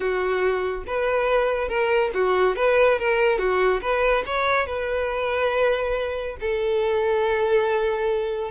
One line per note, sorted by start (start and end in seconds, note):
0.00 0.84 F#4
0.86 1.68 B4
1.68 2.10 A#4
2.14 2.56 F#4
2.56 2.98 B4
2.99 3.38 A#4
3.38 3.80 F#4
3.81 4.24 B4
4.26 4.66 C#5
4.66 6.36 B4
6.40 8.50 A4